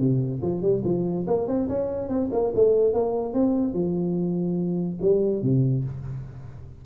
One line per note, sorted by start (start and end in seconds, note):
0.00 0.42 C3
0.42 0.62 F3
0.62 0.83 G3
0.85 1.27 F3
1.27 1.48 A#3
1.48 1.69 C4
1.69 2.09 C#4
2.09 2.30 C4
2.33 2.53 A#3
2.55 2.94 A3
2.94 3.34 A#3
3.34 3.74 C4
3.74 4.99 F3
5.02 5.43 G3
5.43 5.84 C3